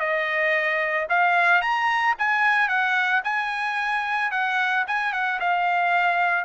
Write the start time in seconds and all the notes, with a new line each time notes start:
0.00 D#5
1.10 F5
1.62 A#5
2.19 G#5
2.69 F#5
3.24 G#5
4.32 F#5
4.87 G#5
5.13 F#5
5.40 F5